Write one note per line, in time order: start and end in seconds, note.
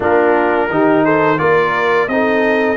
0.00 0.70 A#3
0.00 0.69 D4
0.00 0.68 F4
0.00 1.05 A#4
0.70 1.39 D#3
0.70 1.38 D#4
0.70 1.04 G4
1.04 1.39 A4
1.04 1.38 C5
1.38 2.08 A#3
1.38 2.07 F4
1.38 2.10 A#4
1.38 2.08 D5
2.08 2.77 C4
2.08 2.77 D#4
2.08 2.77 A4
2.08 2.77 D#5